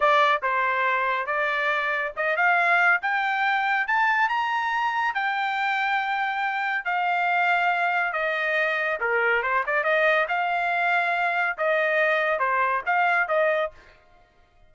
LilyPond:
\new Staff \with { instrumentName = "trumpet" } { \time 4/4 \tempo 4 = 140 d''4 c''2 d''4~ | d''4 dis''8 f''4. g''4~ | g''4 a''4 ais''2 | g''1 |
f''2. dis''4~ | dis''4 ais'4 c''8 d''8 dis''4 | f''2. dis''4~ | dis''4 c''4 f''4 dis''4 | }